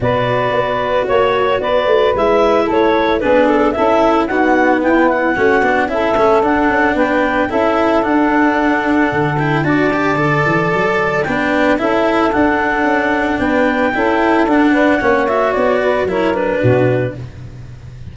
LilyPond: <<
  \new Staff \with { instrumentName = "clarinet" } { \time 4/4 \tempo 4 = 112 d''2 cis''4 d''4 | e''4 cis''4 b'8 a'8 e''4 | fis''4 g''8 fis''4. e''4 | fis''4 g''4 e''4 fis''4~ |
fis''4. g''8 a''2~ | a''4 g''4 e''4 fis''4~ | fis''4 g''2 fis''4~ | fis''8 e''8 d''4 cis''8 b'4. | }
  \new Staff \with { instrumentName = "saxophone" } { \time 4/4 b'2 cis''4 b'4~ | b'4 a'4 gis'4 a'4 | fis'4 e'4 fis'4 a'4~ | a'4 b'4 a'2~ |
a'2 d''2~ | d''4 b'4 a'2~ | a'4 b'4 a'4. b'8 | cis''4. b'8 ais'4 fis'4 | }
  \new Staff \with { instrumentName = "cello" } { \time 4/4 fis'1 | e'2 d'4 e'4 | b2 cis'8 d'8 e'8 cis'8 | d'2 e'4 d'4~ |
d'4. e'8 fis'8 g'8 a'4~ | a'4 d'4 e'4 d'4~ | d'2 e'4 d'4 | cis'8 fis'4. e'8 d'4. | }
  \new Staff \with { instrumentName = "tuba" } { \time 4/4 b,4 b4 ais4 b8 a8 | gis4 a4 b4 cis'4 | dis'4 e'4 a8 b8 cis'8 a8 | d'8 cis'8 b4 cis'4 d'4~ |
d'4 d4 d'4 d8 e8 | fis4 b4 cis'4 d'4 | cis'4 b4 cis'4 d'4 | ais4 b4 fis4 b,4 | }
>>